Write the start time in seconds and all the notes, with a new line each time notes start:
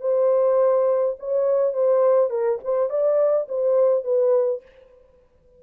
0.00 C5
1.19 C#5
1.73 C5
2.30 A#4
2.64 C5
2.89 D5
3.48 C5
4.04 B4